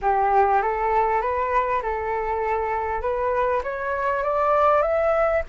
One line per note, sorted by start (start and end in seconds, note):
0.01 0.62 G4
0.62 1.21 A4
1.21 1.82 B4
1.82 3.01 A4
3.01 3.62 B4
3.63 4.23 C#5
4.23 4.82 D5
4.82 5.42 E5